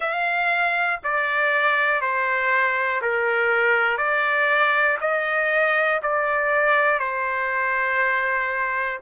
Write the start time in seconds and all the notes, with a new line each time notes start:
0.00 F5
1.03 D5
2.00 C5
3.01 A#4
3.97 D5
5.00 D#5
6.02 D5
6.99 C5